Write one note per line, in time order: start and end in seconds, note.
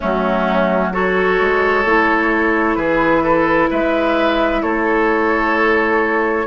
0.00 1.40 F#3
0.00 0.92 A3
0.00 0.92 C#4
0.00 0.93 F#4
0.92 1.84 F#4
0.92 2.77 A4
0.92 2.75 C#5
1.40 1.85 G#3
1.85 2.76 A3
1.85 6.47 E4
2.75 3.68 E3
2.75 3.23 G#4
2.75 3.68 B4
3.23 3.69 A4
3.69 4.62 G#3
3.69 4.62 B4
3.69 4.62 E5
4.62 6.47 A3
4.62 6.47 A4
4.62 6.46 C#5